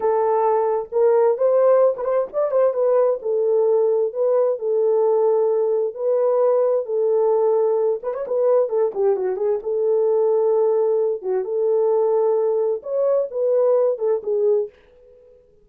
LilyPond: \new Staff \with { instrumentName = "horn" } { \time 4/4 \tempo 4 = 131 a'2 ais'4 c''4~ | c''16 b'16 c''8 d''8 c''8 b'4 a'4~ | a'4 b'4 a'2~ | a'4 b'2 a'4~ |
a'4. b'16 cis''16 b'4 a'8 g'8 | fis'8 gis'8 a'2.~ | a'8 fis'8 a'2. | cis''4 b'4. a'8 gis'4 | }